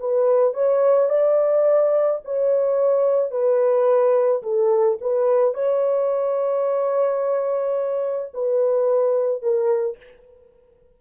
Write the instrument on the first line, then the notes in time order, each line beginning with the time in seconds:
horn
0.00 B4
0.54 C#5
1.10 D5
2.25 C#5
3.31 B4
4.43 A4
5.01 B4
5.55 C#5
8.34 B4
9.42 A#4